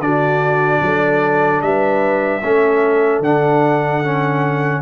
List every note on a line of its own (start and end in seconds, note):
0.00 0.80 D3
0.00 2.43 D4
0.00 0.84 F#4
0.00 1.62 D5
0.82 1.62 F#3
0.82 1.65 A4
1.62 2.42 G3
1.62 2.42 B4
1.62 3.22 E5
2.42 3.20 A3
2.42 3.24 C#4
2.42 4.82 A4
3.20 4.80 D3
3.20 4.04 D4
3.20 4.82 F#5
4.04 4.82 C#4